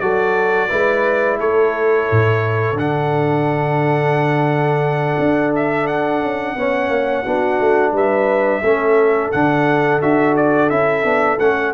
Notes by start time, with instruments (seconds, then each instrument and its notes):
0.00 tuba F#3, trombone F#4, horn A4, trumpet D5
0.69 tuba G#3, trombone E4, horn B4
1.39 tuba A3, horn A4, trumpet C#5
2.11 tuba A2
2.73 tuba D3, trumpet F#5
2.79 trombone D4
5.19 tuba D4
5.55 trumpet E5
5.87 trumpet F#5
6.21 tuba C#4
6.56 tuba B3, trombone C#4, horn C#5
6.89 tuba A#3
7.23 tuba B3, trombone D4, horn F#4
7.60 tuba A3
7.93 tuba G3, horn B4, trumpet E5
8.62 tuba A3, trombone C#4, horn A4
9.32 tuba D3, trombone D4, trumpet F#5
10.01 tuba D4, trombone F#4, trumpet E5
10.36 trumpet D5
10.70 tuba C#4, trombone E4, trumpet E5
11.04 tuba B3, trombone D4
11.39 tuba A3, trombone C#4, trumpet F#5